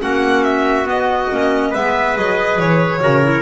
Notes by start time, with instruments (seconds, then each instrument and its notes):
0.00 double bass A#3, clarinet C#4, trumpet F#4, violin F#5
0.43 violin E5
0.84 clarinet B3, double bass B3, violin D#5
1.31 double bass A#3, clarinet C#4
1.70 double bass G#3, clarinet B3, trumpet B4, violin E5
2.16 double bass F#3, clarinet G#4, violin D#5
2.58 double bass E3, violin C#5
3.00 double bass C#3, clarinet F#4, trumpet A#4
3.23 clarinet E4